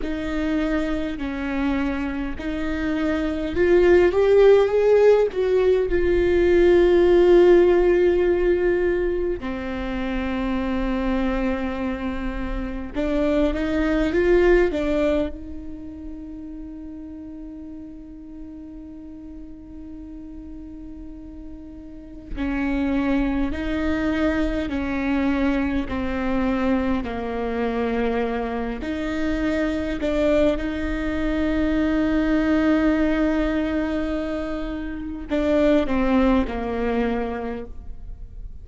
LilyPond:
\new Staff \with { instrumentName = "viola" } { \time 4/4 \tempo 4 = 51 dis'4 cis'4 dis'4 f'8 g'8 | gis'8 fis'8 f'2. | c'2. d'8 dis'8 | f'8 d'8 dis'2.~ |
dis'2. cis'4 | dis'4 cis'4 c'4 ais4~ | ais8 dis'4 d'8 dis'2~ | dis'2 d'8 c'8 ais4 | }